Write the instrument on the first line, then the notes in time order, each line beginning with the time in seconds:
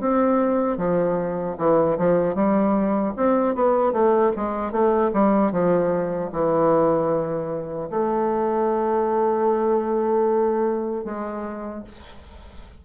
bassoon
0.00 C4
0.77 F3
1.58 E3
1.98 F3
2.35 G3
3.17 C4
3.55 B3
3.92 A3
4.36 G#3
4.72 A3
5.13 G3
5.52 F3
6.32 E3
7.90 A3
11.05 G#3